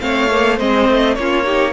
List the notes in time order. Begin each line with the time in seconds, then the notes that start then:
0.00 A3 C4 C#5 F5
0.29 A#3
0.57 G#3 C4 C5 D#5
0.88 A3
1.15 A#3 C#4 F4 C#5
1.44 D#4 G4